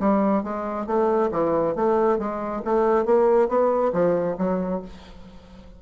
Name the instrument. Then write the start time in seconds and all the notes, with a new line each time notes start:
bassoon
0.00 G3
0.44 G#3
0.87 A3
1.32 E3
1.76 A3
2.19 G#3
2.65 A3
3.06 A#3
3.49 B3
3.93 F3
4.38 F#3